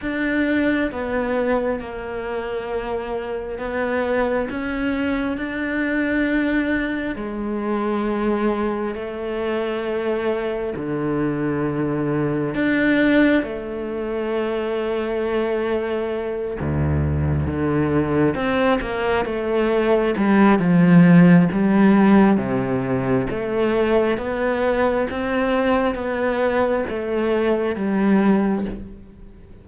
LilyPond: \new Staff \with { instrumentName = "cello" } { \time 4/4 \tempo 4 = 67 d'4 b4 ais2 | b4 cis'4 d'2 | gis2 a2 | d2 d'4 a4~ |
a2~ a8 d,4 d8~ | d8 c'8 ais8 a4 g8 f4 | g4 c4 a4 b4 | c'4 b4 a4 g4 | }